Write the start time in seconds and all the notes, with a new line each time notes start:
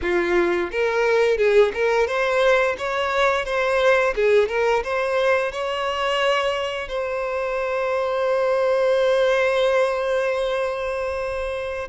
0.01 F4
0.71 A#4
1.37 G#4
1.74 A#4
2.07 C5
2.77 C#5
3.45 C5
4.15 G#4
4.48 A#4
4.83 C5
5.52 C#5
6.88 C5